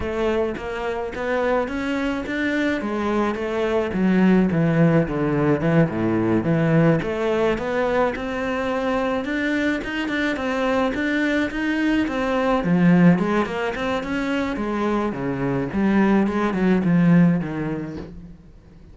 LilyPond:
\new Staff \with { instrumentName = "cello" } { \time 4/4 \tempo 4 = 107 a4 ais4 b4 cis'4 | d'4 gis4 a4 fis4 | e4 d4 e8 a,4 e8~ | e8 a4 b4 c'4.~ |
c'8 d'4 dis'8 d'8 c'4 d'8~ | d'8 dis'4 c'4 f4 gis8 | ais8 c'8 cis'4 gis4 cis4 | g4 gis8 fis8 f4 dis4 | }